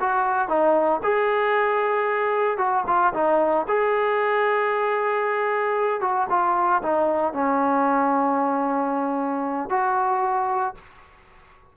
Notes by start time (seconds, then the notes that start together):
0.00 F#4
0.48 D#4
1.03 G#4
2.57 F#4
2.87 F4
3.14 D#4
3.68 G#4
6.01 F#4
6.29 F4
6.82 D#4
7.33 C#4
9.69 F#4